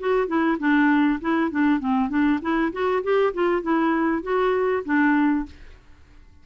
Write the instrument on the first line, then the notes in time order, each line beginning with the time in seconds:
clarinet
0.00 F#4
0.28 E4
0.59 D4
1.21 E4
1.51 D4
1.80 C4
2.10 D4
2.42 E4
2.73 F#4
3.03 G4
3.34 F4
3.63 E4
4.23 F#4
4.85 D4